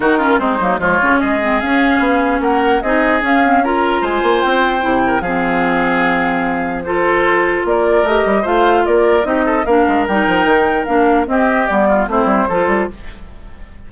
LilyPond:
<<
  \new Staff \with { instrumentName = "flute" } { \time 4/4 \tempo 4 = 149 ais'4 c''4 cis''4 dis''4 | f''2 fis''4 dis''4 | f''4 ais''4 gis''4 g''4~ | g''4 f''2.~ |
f''4 c''2 d''4 | dis''4 f''4 d''4 dis''4 | f''4 g''2 f''4 | dis''4 d''4 c''2 | }
  \new Staff \with { instrumentName = "oboe" } { \time 4/4 fis'8 f'8 dis'4 f'4 gis'4~ | gis'2 ais'4 gis'4~ | gis'4 ais'4 c''2~ | c''8 ais'8 gis'2.~ |
gis'4 a'2 ais'4~ | ais'4 c''4 ais'4 g'8 a'8 | ais'1 | g'4. f'8 e'4 a'4 | }
  \new Staff \with { instrumentName = "clarinet" } { \time 4/4 dis'8 cis'8 c'8 ais8 gis8 cis'4 c'8 | cis'2. dis'4 | cis'8 c'8 f'2. | e'4 c'2.~ |
c'4 f'2. | g'4 f'2 dis'4 | d'4 dis'2 d'4 | c'4 b4 c'4 f'4 | }
  \new Staff \with { instrumentName = "bassoon" } { \time 4/4 dis4 gis8 fis8 f8 cis8 gis4 | cis'4 b4 ais4 c'4 | cis'2 gis8 ais8 c'4 | c4 f2.~ |
f2. ais4 | a8 g8 a4 ais4 c'4 | ais8 gis8 g8 f8 dis4 ais4 | c'4 g4 a8 g8 f8 g8 | }
>>